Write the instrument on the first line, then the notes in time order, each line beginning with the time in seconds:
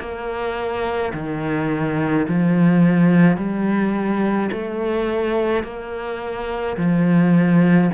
cello
0.00 A#3
1.14 D#3
2.29 F3
3.38 G3
4.52 A3
5.63 A#3
6.77 F3